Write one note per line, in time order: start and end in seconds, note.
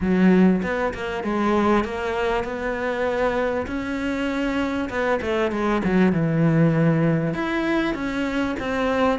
0.00 0.62 F#3
0.63 0.93 B3
0.94 1.23 A#3
1.23 1.84 G#3
1.84 2.44 A#3
2.44 3.66 B3
3.67 4.89 C#4
4.89 5.20 B3
5.21 5.51 A3
5.51 5.82 G#3
5.83 6.12 F#3
6.12 7.34 E3
7.34 7.94 E4
7.94 8.55 C#4
8.59 9.19 C4